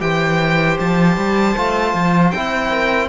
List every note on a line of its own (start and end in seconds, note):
0.00 0.78 E3
0.00 1.54 G4
0.00 2.70 C5
0.00 0.78 G5
0.80 1.17 F3
0.80 2.31 A5
1.17 1.55 G3
1.57 1.94 A3
1.57 2.33 F4
1.94 2.33 F3
2.31 3.09 C4
2.31 3.09 E4
2.31 3.08 G5
2.70 3.09 A#4